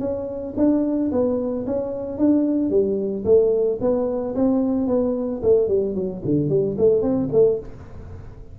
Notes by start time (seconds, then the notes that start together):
0.00 C#4
0.57 D4
1.12 B3
1.67 C#4
2.18 D4
2.70 G3
3.25 A3
3.81 B3
4.35 C4
4.87 B3
5.43 A3
5.68 G3
5.95 F#3
6.25 D3
6.49 G3
6.78 A3
7.02 C4
7.32 A3